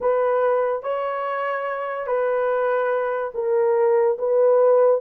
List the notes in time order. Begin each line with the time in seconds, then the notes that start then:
0.00 B4
0.82 C#5
2.06 B4
3.34 A#4
4.18 B4